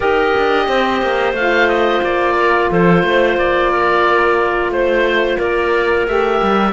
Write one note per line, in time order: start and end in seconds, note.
0.00 0.34 D#4
0.00 1.34 G4
0.00 0.66 A#4
0.00 1.34 D#5
0.37 0.68 D4
0.68 1.02 C4
0.68 2.35 C5
1.02 1.33 A#3
1.33 2.00 A3
1.33 6.07 F4
1.33 1.68 F5
1.68 2.02 D#5
2.02 2.70 A#3
2.02 2.71 D5
2.35 2.69 A#4
2.70 3.03 F3
2.70 3.03 A4
2.70 3.38 C5
3.03 3.36 A3
3.03 3.71 C5
3.36 4.69 A#3
3.36 4.72 D5
3.71 4.72 A#4
4.69 5.36 A3
4.69 5.38 C5
4.69 5.37 C5
5.37 6.07 A#3
5.37 6.72 A#4
5.37 6.06 D5
6.07 6.41 A3
6.07 6.72 G4
6.07 6.72 E5
6.42 6.72 G3